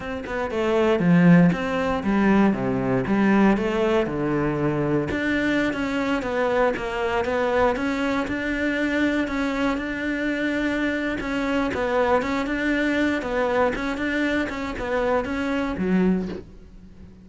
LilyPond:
\new Staff \with { instrumentName = "cello" } { \time 4/4 \tempo 4 = 118 c'8 b8 a4 f4 c'4 | g4 c4 g4 a4 | d2 d'4~ d'16 cis'8.~ | cis'16 b4 ais4 b4 cis'8.~ |
cis'16 d'2 cis'4 d'8.~ | d'2 cis'4 b4 | cis'8 d'4. b4 cis'8 d'8~ | d'8 cis'8 b4 cis'4 fis4 | }